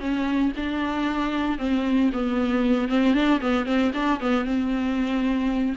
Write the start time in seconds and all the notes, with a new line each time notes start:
0.00 C#4
0.57 D4
1.59 C4
2.13 B3
2.89 C4
3.14 D4
3.41 B3
3.66 C4
3.94 D4
4.20 B3
4.45 C4